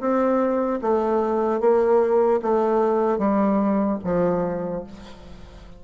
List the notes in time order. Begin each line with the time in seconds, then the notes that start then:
0.00 C4
0.81 A3
1.60 A#3
2.42 A3
3.18 G3
4.04 F3